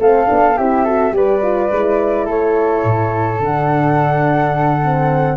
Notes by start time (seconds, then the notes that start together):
0.00 A3 C4 A4 F5
0.27 B3 D4
0.57 C4 E4 G4 E5
0.85 F#4 A4
1.12 G3 G4 B4 D5
1.43 F4
1.72 G#3 E4
2.26 A3 A4 C#5
2.84 A2
3.40 D3 D4 F#5
4.83 C4